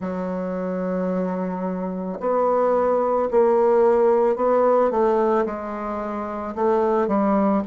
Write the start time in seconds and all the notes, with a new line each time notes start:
0.00 F#3
2.20 B3
3.30 A#3
4.36 B3
4.90 A3
5.45 G#3
6.55 A3
7.07 G3